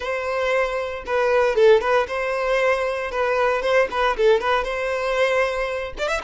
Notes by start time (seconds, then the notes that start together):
0.00 C5
1.06 B4
1.55 A4
1.80 B4
2.07 C5
3.11 B4
3.62 C5
3.90 B4
4.16 A4
4.40 B4
4.64 C5
5.98 D5
6.08 E5